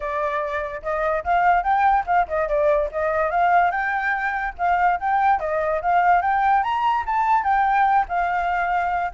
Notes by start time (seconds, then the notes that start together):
0.00 D5
0.82 D#5
1.24 F5
1.63 G5
2.06 F5
2.28 D#5
2.48 D5
2.91 D#5
3.30 F5
3.71 G5
4.58 F5
5.00 G5
5.39 D#5
5.81 F5
6.21 G5
6.63 A#5
7.06 A5
7.43 G5
8.08 F5